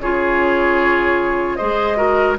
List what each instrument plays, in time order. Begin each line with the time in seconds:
0.00 bassoon C#3, clarinet F4, oboe G#4, flute C#5
1.56 bassoon G#3, clarinet G#4, oboe C5, flute D#5
1.97 clarinet F#4, oboe A#4